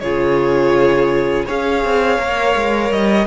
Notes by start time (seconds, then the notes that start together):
0.00 C#3 F4 G#4 C#5
1.45 C#4 G#4 C#5 F5
1.84 C4
2.18 A#3 A#4
2.55 G#3
2.90 G3 D#5